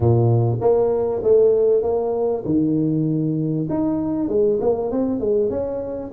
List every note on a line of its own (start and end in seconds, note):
0.00 0.58 A#2
0.60 1.21 A#3
1.23 1.82 A3
1.82 2.43 A#3
2.45 3.67 D#3
3.69 4.28 D#4
4.28 4.59 G#3
4.60 4.91 A#3
4.91 5.20 C4
5.20 5.50 G#3
5.50 6.11 C#4